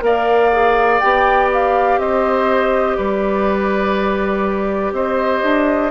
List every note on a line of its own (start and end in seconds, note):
0.00 1.00 A#3
0.00 0.49 A#4
0.00 2.01 D5
0.00 1.00 F5
0.52 1.01 G#4
1.00 1.98 B3
1.00 5.91 G4
1.00 1.49 G5
1.53 1.99 F5
1.98 2.96 C4
1.98 2.97 C5
1.98 2.96 D#5
2.96 4.92 G3
2.96 4.93 B4
2.96 4.93 D5
4.92 5.41 C4
4.92 5.91 C5
4.92 5.91 D#5
5.43 5.91 D4